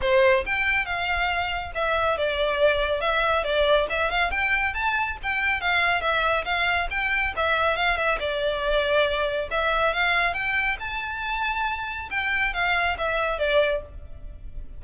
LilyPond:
\new Staff \with { instrumentName = "violin" } { \time 4/4 \tempo 4 = 139 c''4 g''4 f''2 | e''4 d''2 e''4 | d''4 e''8 f''8 g''4 a''4 | g''4 f''4 e''4 f''4 |
g''4 e''4 f''8 e''8 d''4~ | d''2 e''4 f''4 | g''4 a''2. | g''4 f''4 e''4 d''4 | }